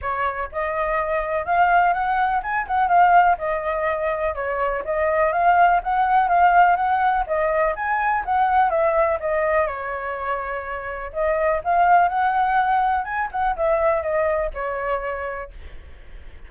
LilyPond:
\new Staff \with { instrumentName = "flute" } { \time 4/4 \tempo 4 = 124 cis''4 dis''2 f''4 | fis''4 gis''8 fis''8 f''4 dis''4~ | dis''4 cis''4 dis''4 f''4 | fis''4 f''4 fis''4 dis''4 |
gis''4 fis''4 e''4 dis''4 | cis''2. dis''4 | f''4 fis''2 gis''8 fis''8 | e''4 dis''4 cis''2 | }